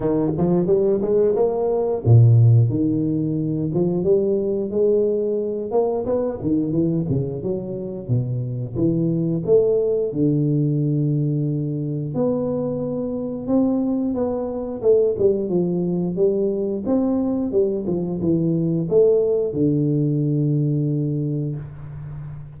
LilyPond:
\new Staff \with { instrumentName = "tuba" } { \time 4/4 \tempo 4 = 89 dis8 f8 g8 gis8 ais4 ais,4 | dis4. f8 g4 gis4~ | gis8 ais8 b8 dis8 e8 cis8 fis4 | b,4 e4 a4 d4~ |
d2 b2 | c'4 b4 a8 g8 f4 | g4 c'4 g8 f8 e4 | a4 d2. | }